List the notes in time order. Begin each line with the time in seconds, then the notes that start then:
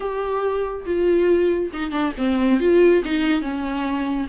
0.00 G4
0.85 F4
1.73 D#4
1.91 D4
2.17 C4
2.60 F4
3.04 D#4
3.41 C#4